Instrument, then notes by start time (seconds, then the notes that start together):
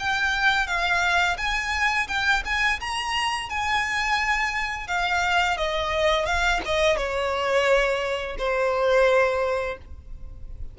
violin
0.00 G5
0.67 F5
1.38 G#5
2.08 G5
2.45 G#5
2.81 A#5
3.50 G#5
4.88 F5
5.58 D#5
6.26 F5
6.66 D#5
6.97 C#5
8.39 C5